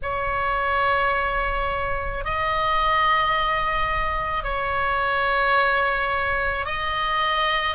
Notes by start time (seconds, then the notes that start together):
0.02 C#5
2.24 D#5
4.43 C#5
6.65 D#5